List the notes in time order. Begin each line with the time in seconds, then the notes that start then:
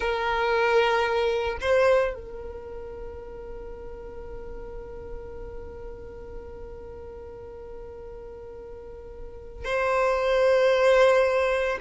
0.00 A#4
1.61 C5
2.14 A#4
9.64 C5